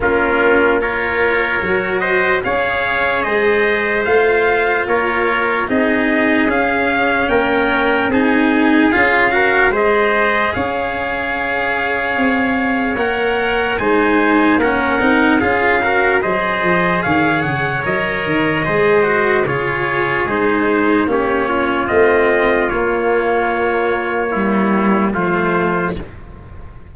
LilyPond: <<
  \new Staff \with { instrumentName = "trumpet" } { \time 4/4 \tempo 4 = 74 ais'4 cis''4. dis''8 f''4 | dis''4 f''4 cis''4 dis''4 | f''4 g''4 gis''4 f''4 | dis''4 f''2. |
fis''4 gis''4 fis''4 f''4 | dis''4 f''8 fis''8 dis''2 | cis''4 c''4 cis''4 dis''4 | cis''2. c''4 | }
  \new Staff \with { instrumentName = "trumpet" } { \time 4/4 f'4 ais'4. c''8 cis''4 | c''2 ais'4 gis'4~ | gis'4 ais'4 gis'4. ais'8 | c''4 cis''2.~ |
cis''4 c''4 ais'4 gis'8 ais'8 | c''4 cis''2 c''4 | gis'2 g'8 f'4.~ | f'2 e'4 f'4 | }
  \new Staff \with { instrumentName = "cello" } { \time 4/4 cis'4 f'4 fis'4 gis'4~ | gis'4 f'2 dis'4 | cis'2 dis'4 f'8 fis'8 | gis'1 |
ais'4 dis'4 cis'8 dis'8 f'8 fis'8 | gis'2 ais'4 gis'8 fis'8 | f'4 dis'4 cis'4 c'4 | ais2 g4 a4 | }
  \new Staff \with { instrumentName = "tuba" } { \time 4/4 ais2 fis4 cis'4 | gis4 a4 ais4 c'4 | cis'4 ais4 c'4 cis'4 | gis4 cis'2 c'4 |
ais4 gis4 ais8 c'8 cis'4 | fis8 f8 dis8 cis8 fis8 dis8 gis4 | cis4 gis4 ais4 a4 | ais2. f4 | }
>>